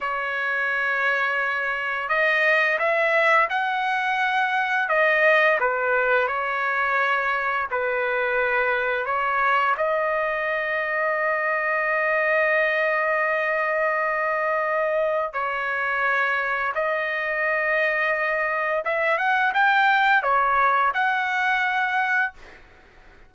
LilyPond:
\new Staff \with { instrumentName = "trumpet" } { \time 4/4 \tempo 4 = 86 cis''2. dis''4 | e''4 fis''2 dis''4 | b'4 cis''2 b'4~ | b'4 cis''4 dis''2~ |
dis''1~ | dis''2 cis''2 | dis''2. e''8 fis''8 | g''4 cis''4 fis''2 | }